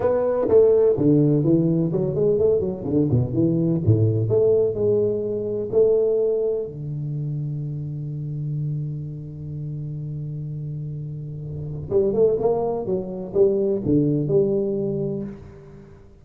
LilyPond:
\new Staff \with { instrumentName = "tuba" } { \time 4/4 \tempo 4 = 126 b4 a4 d4 e4 | fis8 gis8 a8 fis8 d8 b,8 e4 | a,4 a4 gis2 | a2 d2~ |
d1~ | d1~ | d4 g8 a8 ais4 fis4 | g4 d4 g2 | }